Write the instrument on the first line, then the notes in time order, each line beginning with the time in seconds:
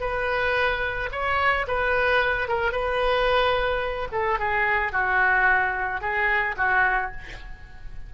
oboe
0.00 B4
1.11 C#5
1.67 B4
2.48 A#4
2.72 B4
4.12 A4
4.39 G#4
4.92 F#4
6.00 G#4
6.57 F#4